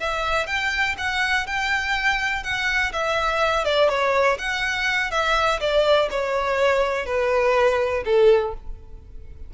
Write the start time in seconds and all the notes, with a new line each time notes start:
0.00 E5
0.47 G5
0.98 F#5
1.47 G5
2.43 F#5
2.93 E5
3.65 D5
3.89 C#5
4.39 F#5
5.11 E5
5.61 D5
6.11 C#5
7.06 B4
8.05 A4